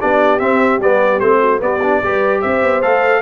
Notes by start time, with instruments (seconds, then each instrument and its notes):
0.00 tuba B3, trombone D4, horn G4, trumpet D5
0.39 tuba C4, trombone C4, trumpet E5
0.79 tuba G3, trombone B3, trumpet D5
1.20 tuba A3, trombone C4, trumpet C5
1.40 horn F#4
1.59 trombone B3, tuba B3, horn G4, trumpet D5
1.82 trombone D4
2.02 tuba G3, trombone G4, horn B4
2.41 tuba C4, horn C5, trumpet E5
2.62 tuba B3
2.82 tuba A3, trombone A4, trumpet F5